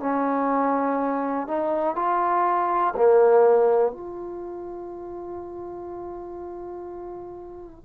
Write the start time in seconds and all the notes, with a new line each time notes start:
0.00 C#4
1.47 D#4
1.95 F4
2.96 A#3
3.92 F4